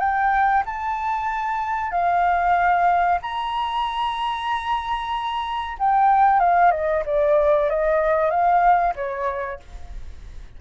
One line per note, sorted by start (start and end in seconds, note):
0.00 0.64 G5
0.66 1.92 A5
1.92 3.19 F5
3.23 5.78 A#5
5.79 6.40 G5
6.40 6.72 F5
6.72 7.04 D#5
7.06 7.70 D5
7.70 8.31 D#5
8.31 8.94 F5
8.96 9.60 C#5